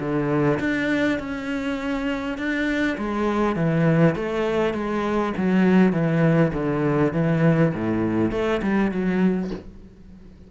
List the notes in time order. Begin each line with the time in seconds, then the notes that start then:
0.00 D3
0.60 D4
1.19 C#4
2.38 D4
2.98 G#3
3.56 E3
4.16 A3
4.74 G#3
5.37 F#3
5.93 E3
6.53 D3
7.13 E3
7.74 A2
8.31 A3
8.62 G3
8.91 F#3